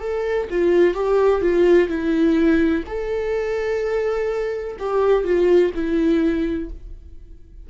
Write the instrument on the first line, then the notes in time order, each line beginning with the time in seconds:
viola
0.00 A4
0.50 F4
0.94 G4
1.41 F4
1.88 E4
2.86 A4
4.79 G4
5.24 F4
5.74 E4